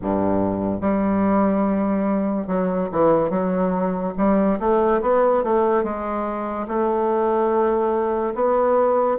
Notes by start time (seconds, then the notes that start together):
0.01 G2
0.81 G3
2.47 F#3
2.92 E3
3.30 F#3
4.17 G3
4.59 A3
5.02 B3
5.43 A3
5.83 G#3
6.67 A3
8.34 B3